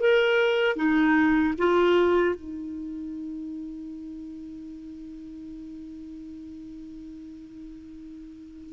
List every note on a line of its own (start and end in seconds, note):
0.00 0.76 A#4
0.76 1.54 D#4
1.58 2.35 F4
2.35 8.73 D#4